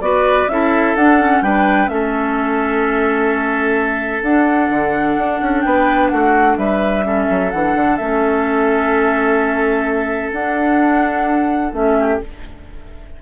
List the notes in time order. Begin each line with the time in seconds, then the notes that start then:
0.00 B3 F#4 B4 D5
0.48 C#4 E4 A4 E5
0.95 D4 F#5
1.20 C#4
1.41 G3 D4 B4 G5
1.87 A3 C#4 E5
1.93 A4
4.22 D4 F#5
4.69 D3
5.17 D4
5.41 C#4
5.61 B3 B4 G5
6.08 A3 F#4 F#5
6.57 G3 B4 E5
7.03 C#4 A4
7.29 F#3
7.50 E3 D4 F#5
7.75 D3
7.96 A3 C#4 E5
10.32 D4 F#5
11.72 A3 C#4 E5
11.98 G4